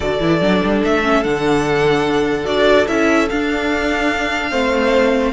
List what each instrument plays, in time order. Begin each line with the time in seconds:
0.00 cello D3, viola F#4, violin A4 D5
0.20 cello E3, viola E4
0.41 cello F#3, viola D4
0.63 cello G3
0.84 cello A3, violin E5
1.03 viola C#4
1.23 cello D3, viola D4, violin F#5
2.44 cello D4, viola F#4, violin D5
2.87 cello C#4, viola E4, violin E5
3.29 cello D4, viola D4, violin F5
4.50 cello A3, viola C4, violin C5